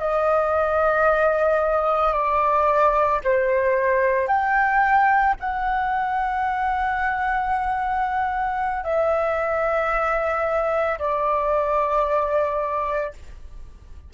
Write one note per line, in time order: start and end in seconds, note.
0.00 2.14 D#5
2.14 3.21 D5
3.25 4.28 C5
4.28 5.35 G5
5.41 8.84 F#5
8.84 10.99 E5
10.99 13.13 D5